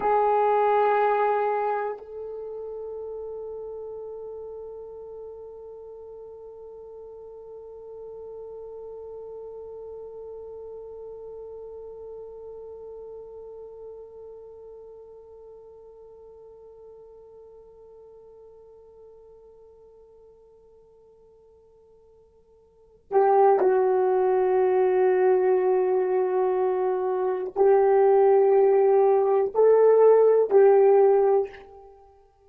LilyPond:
\new Staff \with { instrumentName = "horn" } { \time 4/4 \tempo 4 = 61 gis'2 a'2~ | a'1~ | a'1~ | a'1~ |
a'1~ | a'2.~ a'8 g'8 | fis'1 | g'2 a'4 g'4 | }